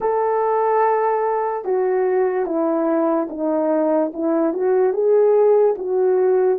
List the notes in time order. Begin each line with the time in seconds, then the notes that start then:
0.00 A4
1.64 F#4
2.45 E4
3.29 D#4
4.13 E4
4.53 F#4
4.93 G#4
5.78 F#4